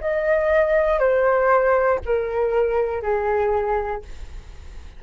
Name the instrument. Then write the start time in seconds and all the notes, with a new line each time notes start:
flute
0.00 D#5
1.00 C5
2.05 A#4
3.02 G#4